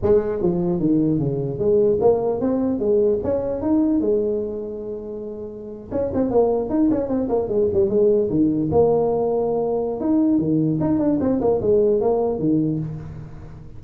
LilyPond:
\new Staff \with { instrumentName = "tuba" } { \time 4/4 \tempo 4 = 150 gis4 f4 dis4 cis4 | gis4 ais4 c'4 gis4 | cis'4 dis'4 gis2~ | gis2~ gis8. cis'8 c'8 ais16~ |
ais8. dis'8 cis'8 c'8 ais8 gis8 g8 gis16~ | gis8. dis4 ais2~ ais16~ | ais4 dis'4 dis4 dis'8 d'8 | c'8 ais8 gis4 ais4 dis4 | }